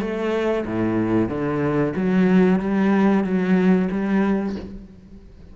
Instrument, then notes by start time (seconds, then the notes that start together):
cello
0.00 A3
0.65 A2
1.28 D3
1.96 F#3
2.59 G3
3.23 F#3
3.91 G3